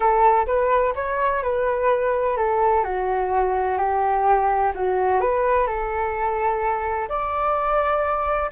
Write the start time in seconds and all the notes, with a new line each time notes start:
0.00 A4
0.46 B4
0.95 C#5
1.42 B4
2.36 A4
2.84 F#4
3.78 G4
4.75 F#4
5.21 B4
5.66 A4
7.08 D5